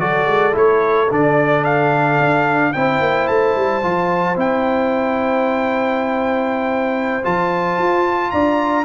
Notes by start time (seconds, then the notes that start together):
0.00 F#3 F#4 A4 D5
0.27 G#3
0.53 A3 E4 C#5
1.11 D3 D4 D5
1.65 F5
2.20 D4
2.73 C4 E4 C5 G5
3.01 A#3
3.28 A3 A5
3.56 G3
3.83 F3 F4
4.36 C4 E4 G5
7.24 F3 F4 A5
7.78 F4
8.31 D4 D5 A#5